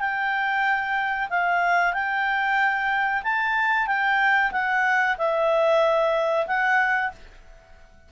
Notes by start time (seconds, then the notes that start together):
0.00 G5
1.30 F5
1.94 G5
3.24 A5
3.87 G5
4.52 F#5
5.18 E5
6.48 F#5